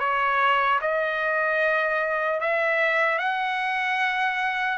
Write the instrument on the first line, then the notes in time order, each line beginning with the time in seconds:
trumpet
0.00 C#5
0.81 D#5
2.41 E5
3.19 F#5